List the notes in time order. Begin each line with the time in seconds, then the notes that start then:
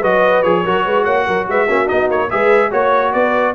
0.00 F#3 F#4 B4 D#5
0.42 F3 G#4 C#5
0.64 F#3 F#4 A#4
0.85 G#3 B4
1.04 A#3 C#5 F#5
1.27 F#3 A#4
1.48 G#3 B4 E5
1.66 A#3 C#4 F#4
1.86 B3 D#4 D#5
2.09 A#3 C#5
2.30 G#3 G#4 B4 E5
2.70 A#3 F#4 C#5
3.12 B3 B4 D5